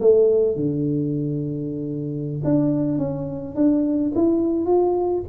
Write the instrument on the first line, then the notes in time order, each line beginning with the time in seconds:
tuba
0.00 A3
0.56 D3
2.44 D4
2.98 C#4
3.55 D4
4.15 E4
4.65 F4